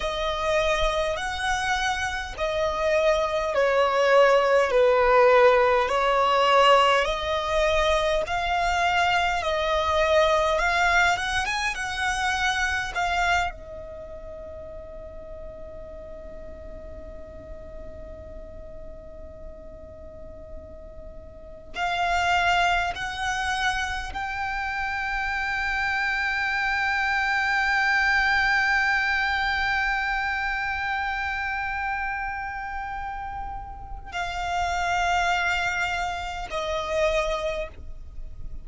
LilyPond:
\new Staff \with { instrumentName = "violin" } { \time 4/4 \tempo 4 = 51 dis''4 fis''4 dis''4 cis''4 | b'4 cis''4 dis''4 f''4 | dis''4 f''8 fis''16 gis''16 fis''4 f''8 dis''8~ | dis''1~ |
dis''2~ dis''8 f''4 fis''8~ | fis''8 g''2.~ g''8~ | g''1~ | g''4 f''2 dis''4 | }